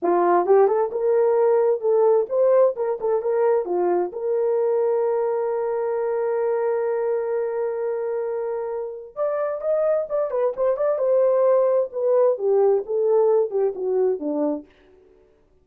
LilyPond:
\new Staff \with { instrumentName = "horn" } { \time 4/4 \tempo 4 = 131 f'4 g'8 a'8 ais'2 | a'4 c''4 ais'8 a'8 ais'4 | f'4 ais'2.~ | ais'1~ |
ais'1 | d''4 dis''4 d''8 b'8 c''8 d''8 | c''2 b'4 g'4 | a'4. g'8 fis'4 d'4 | }